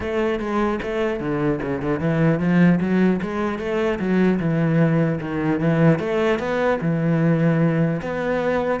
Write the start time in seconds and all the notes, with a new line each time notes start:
0.00 A3
0.39 G#3
0.82 A3
1.19 D3
1.62 C#3
1.82 D3
1.99 E3
2.39 F3
2.80 F#3
3.22 G#3
3.58 A3
3.99 F#3
4.39 E3
5.21 D#3
5.60 E3
5.99 A3
6.39 B3
6.81 E3
8.01 B3